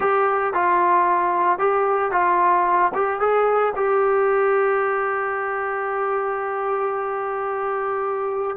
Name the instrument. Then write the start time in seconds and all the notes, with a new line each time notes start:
trombone
0.00 G4
0.53 F4
1.58 G4
2.11 F4
2.94 G4
3.20 G#4
3.75 G4